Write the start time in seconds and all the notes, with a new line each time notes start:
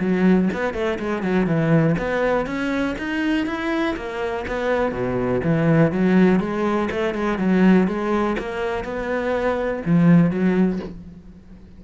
0.00 F#3
0.54 B3
0.74 A3
0.99 G#3
1.23 F#3
1.47 E3
1.99 B3
2.47 C#4
2.99 D#4
3.46 E4
3.96 A#3
4.48 B3
4.92 B2
5.44 E3
5.92 F#3
6.40 G#3
6.91 A3
7.14 G#3
7.39 F#3
7.88 G#3
8.39 A#3
8.85 B3
9.86 F3
10.31 F#3